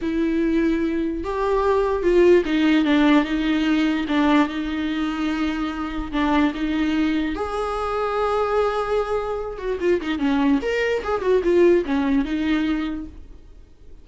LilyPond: \new Staff \with { instrumentName = "viola" } { \time 4/4 \tempo 4 = 147 e'2. g'4~ | g'4 f'4 dis'4 d'4 | dis'2 d'4 dis'4~ | dis'2. d'4 |
dis'2 gis'2~ | gis'2.~ gis'8 fis'8 | f'8 dis'8 cis'4 ais'4 gis'8 fis'8 | f'4 cis'4 dis'2 | }